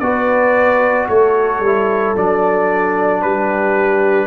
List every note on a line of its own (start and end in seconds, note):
0.00 1.08 B3
0.00 1.64 F#4
0.00 1.09 B4
0.00 1.07 D5
1.09 1.60 A3
1.09 3.23 A4
1.09 2.16 C#5
1.60 2.14 G3
1.60 2.16 E4
2.16 3.23 F#3
2.16 4.27 D4
2.16 3.22 D5
3.22 4.27 G3
3.22 4.27 G4
3.22 4.27 B4